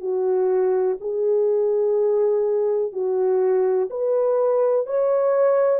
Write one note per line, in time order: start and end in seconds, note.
0.00 0.97 F#4
1.00 2.92 G#4
2.92 3.89 F#4
3.89 4.86 B4
4.86 5.80 C#5